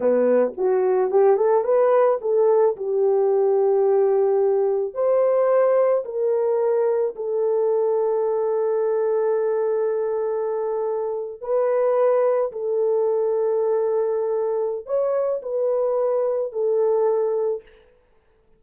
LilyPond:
\new Staff \with { instrumentName = "horn" } { \time 4/4 \tempo 4 = 109 b4 fis'4 g'8 a'8 b'4 | a'4 g'2.~ | g'4 c''2 ais'4~ | ais'4 a'2.~ |
a'1~ | a'8. b'2 a'4~ a'16~ | a'2. cis''4 | b'2 a'2 | }